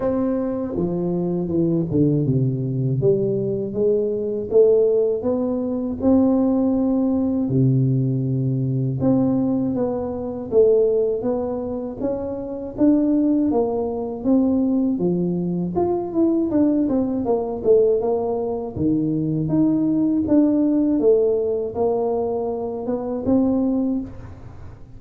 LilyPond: \new Staff \with { instrumentName = "tuba" } { \time 4/4 \tempo 4 = 80 c'4 f4 e8 d8 c4 | g4 gis4 a4 b4 | c'2 c2 | c'4 b4 a4 b4 |
cis'4 d'4 ais4 c'4 | f4 f'8 e'8 d'8 c'8 ais8 a8 | ais4 dis4 dis'4 d'4 | a4 ais4. b8 c'4 | }